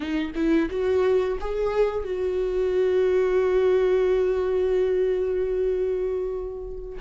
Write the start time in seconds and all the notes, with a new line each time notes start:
0.00 D#4
0.35 E4
0.69 F#4
1.40 G#4
2.04 F#4